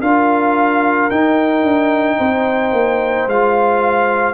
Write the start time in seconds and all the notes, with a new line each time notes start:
0.00 D4 F4 A#4 F5
1.10 D#4 G5
1.63 D4
2.17 C4 C5
2.72 A#3
3.26 G#3 F4 F5